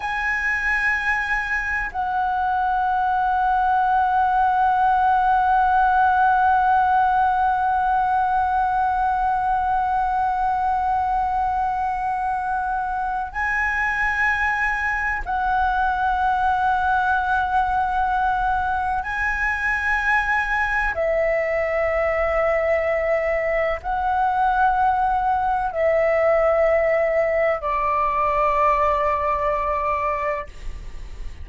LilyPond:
\new Staff \with { instrumentName = "flute" } { \time 4/4 \tempo 4 = 63 gis''2 fis''2~ | fis''1~ | fis''1~ | fis''2 gis''2 |
fis''1 | gis''2 e''2~ | e''4 fis''2 e''4~ | e''4 d''2. | }